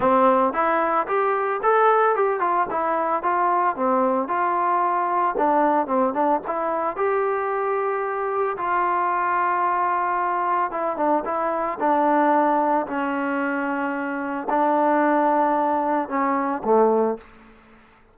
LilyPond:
\new Staff \with { instrumentName = "trombone" } { \time 4/4 \tempo 4 = 112 c'4 e'4 g'4 a'4 | g'8 f'8 e'4 f'4 c'4 | f'2 d'4 c'8 d'8 | e'4 g'2. |
f'1 | e'8 d'8 e'4 d'2 | cis'2. d'4~ | d'2 cis'4 a4 | }